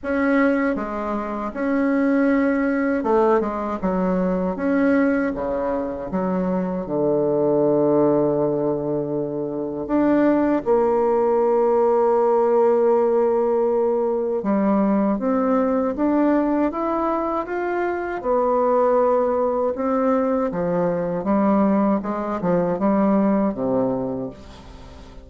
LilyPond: \new Staff \with { instrumentName = "bassoon" } { \time 4/4 \tempo 4 = 79 cis'4 gis4 cis'2 | a8 gis8 fis4 cis'4 cis4 | fis4 d2.~ | d4 d'4 ais2~ |
ais2. g4 | c'4 d'4 e'4 f'4 | b2 c'4 f4 | g4 gis8 f8 g4 c4 | }